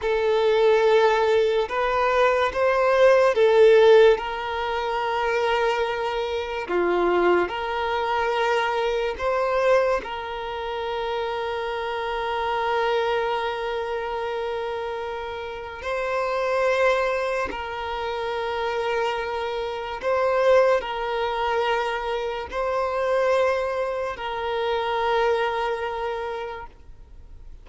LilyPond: \new Staff \with { instrumentName = "violin" } { \time 4/4 \tempo 4 = 72 a'2 b'4 c''4 | a'4 ais'2. | f'4 ais'2 c''4 | ais'1~ |
ais'2. c''4~ | c''4 ais'2. | c''4 ais'2 c''4~ | c''4 ais'2. | }